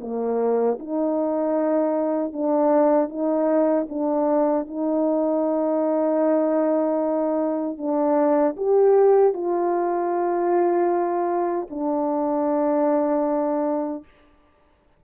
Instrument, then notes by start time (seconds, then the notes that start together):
horn
0.00 A#3
0.79 D#4
2.32 D4
3.09 D#4
3.89 D4
4.67 D#4
7.77 D4
8.56 G4
9.33 F4
11.70 D4